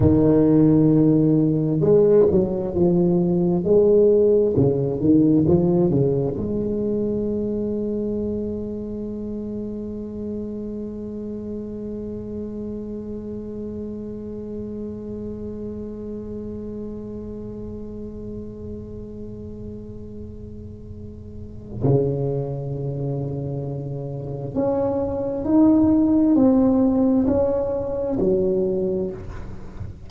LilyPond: \new Staff \with { instrumentName = "tuba" } { \time 4/4 \tempo 4 = 66 dis2 gis8 fis8 f4 | gis4 cis8 dis8 f8 cis8 gis4~ | gis1~ | gis1~ |
gis1~ | gis1 | cis2. cis'4 | dis'4 c'4 cis'4 fis4 | }